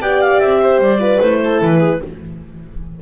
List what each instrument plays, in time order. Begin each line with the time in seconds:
0.00 double bass B3, horn G4, violin D5, clarinet G5
0.21 clarinet F5
0.40 double bass C4, clarinet E5
0.62 violin C5
0.79 double bass G3, clarinet D5
0.99 horn F4, violin B4
1.21 double bass A3, horn E4, clarinet C5
1.44 violin A4
1.61 double bass E3, clarinet B4
1.79 violin G#4